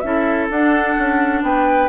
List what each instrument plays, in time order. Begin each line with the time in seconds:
0.00 bassoon C#4, clarinet E4, oboe A4, flute E5
0.50 bassoon D4, clarinet D4, flute F#5
0.98 bassoon C#4
1.42 bassoon B3, oboe B4, flute G5